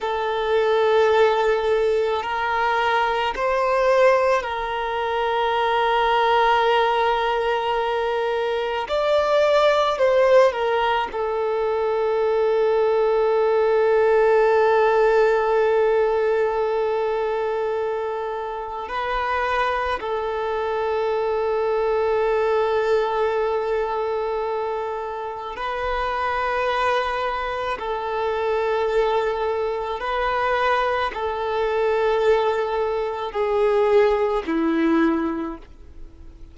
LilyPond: \new Staff \with { instrumentName = "violin" } { \time 4/4 \tempo 4 = 54 a'2 ais'4 c''4 | ais'1 | d''4 c''8 ais'8 a'2~ | a'1~ |
a'4 b'4 a'2~ | a'2. b'4~ | b'4 a'2 b'4 | a'2 gis'4 e'4 | }